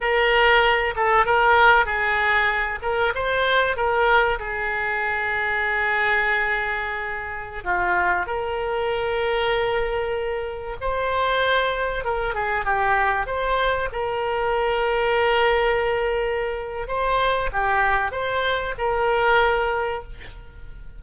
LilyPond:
\new Staff \with { instrumentName = "oboe" } { \time 4/4 \tempo 4 = 96 ais'4. a'8 ais'4 gis'4~ | gis'8 ais'8 c''4 ais'4 gis'4~ | gis'1~ | gis'16 f'4 ais'2~ ais'8.~ |
ais'4~ ais'16 c''2 ais'8 gis'16~ | gis'16 g'4 c''4 ais'4.~ ais'16~ | ais'2. c''4 | g'4 c''4 ais'2 | }